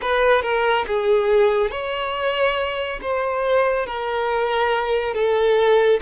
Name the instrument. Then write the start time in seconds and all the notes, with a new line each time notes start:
violin
0.01 B4
0.42 A#4
0.86 G#4
1.71 C#5
3.01 C5
3.86 A#4
5.14 A4